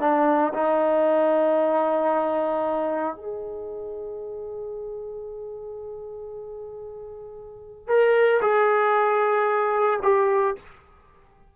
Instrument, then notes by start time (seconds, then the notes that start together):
trombone
0.00 D4
0.54 D#4
3.16 G#4
7.88 A#4
8.42 G#4
10.03 G4